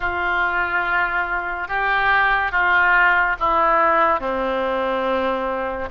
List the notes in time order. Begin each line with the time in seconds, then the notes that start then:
0.00 F4
1.67 G4
2.51 F4
3.39 E4
4.20 C4